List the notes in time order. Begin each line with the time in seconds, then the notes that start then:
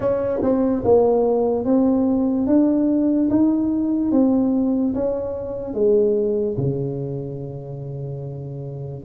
0.00 C#4
0.42 C4
0.84 A#3
1.64 C4
2.47 D4
3.30 D#4
4.11 C4
4.94 C#4
5.73 G#3
6.58 C#3